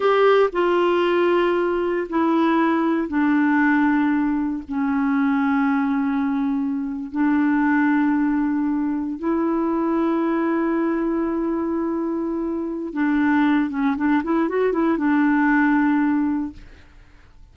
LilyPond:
\new Staff \with { instrumentName = "clarinet" } { \time 4/4 \tempo 4 = 116 g'4 f'2. | e'2 d'2~ | d'4 cis'2.~ | cis'4.~ cis'16 d'2~ d'16~ |
d'4.~ d'16 e'2~ e'16~ | e'1~ | e'4 d'4. cis'8 d'8 e'8 | fis'8 e'8 d'2. | }